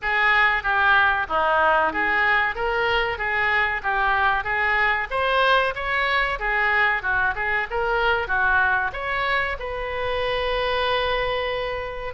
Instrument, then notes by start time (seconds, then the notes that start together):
oboe
0.01 G#4
0.63 G4
1.29 D#4
1.92 G#4
2.55 A#4
3.17 G#4
3.82 G4
4.44 G#4
5.10 C5
5.75 C#5
6.39 G#4
7.02 F#4
7.35 G#4
7.70 A#4
8.27 F#4
8.92 C#5
9.59 B4